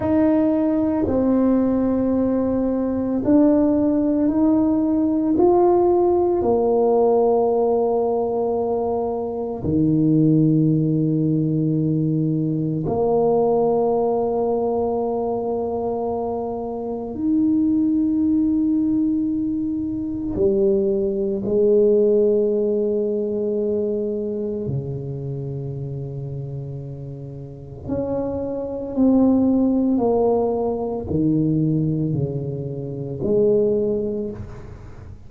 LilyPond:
\new Staff \with { instrumentName = "tuba" } { \time 4/4 \tempo 4 = 56 dis'4 c'2 d'4 | dis'4 f'4 ais2~ | ais4 dis2. | ais1 |
dis'2. g4 | gis2. cis4~ | cis2 cis'4 c'4 | ais4 dis4 cis4 gis4 | }